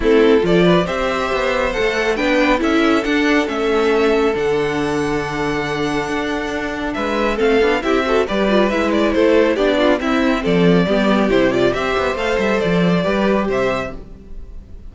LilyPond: <<
  \new Staff \with { instrumentName = "violin" } { \time 4/4 \tempo 4 = 138 a'4 d''4 e''2 | fis''4 g''4 e''4 fis''4 | e''2 fis''2~ | fis''1 |
e''4 f''4 e''4 d''4 | e''8 d''8 c''4 d''4 e''4 | d''2 c''8 d''8 e''4 | f''8 e''8 d''2 e''4 | }
  \new Staff \with { instrumentName = "violin" } { \time 4/4 e'4 a'8 b'8 c''2~ | c''4 b'4 a'2~ | a'1~ | a'1 |
b'4 a'4 g'8 a'8 b'4~ | b'4 a'4 g'8 f'8 e'4 | a'4 g'2 c''4~ | c''2 b'4 c''4 | }
  \new Staff \with { instrumentName = "viola" } { \time 4/4 c'4 f'4 g'2 | a'4 d'4 e'4 d'4 | cis'2 d'2~ | d'1~ |
d'4 c'8 d'8 e'8 fis'8 g'8 f'8 | e'2 d'4 c'4~ | c'4 b4 e'8 f'8 g'4 | a'2 g'2 | }
  \new Staff \with { instrumentName = "cello" } { \time 4/4 a4 f4 c'4 b4 | a4 b4 cis'4 d'4 | a2 d2~ | d2 d'2 |
gis4 a8 b8 c'4 g4 | gis4 a4 b4 c'4 | f4 g4 c4 c'8 b8 | a8 g8 f4 g4 c4 | }
>>